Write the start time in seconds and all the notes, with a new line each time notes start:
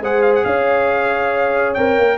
0.00 G#3 G#4 C5 F#5
0.22 F5
0.36 F#5
0.45 C#4 C#5 F5
1.74 C4 A#4 G5
1.99 A#3